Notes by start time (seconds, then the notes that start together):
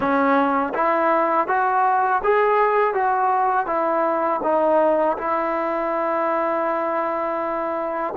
0.00 C#4
0.74 E4
1.47 F#4
2.23 G#4
2.94 F#4
3.66 E4
4.43 D#4
5.17 E4